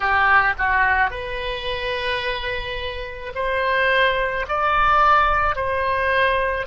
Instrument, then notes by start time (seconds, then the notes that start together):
oboe
0.00 G4
0.58 F#4
1.10 B4
3.34 C5
4.48 D5
5.55 C5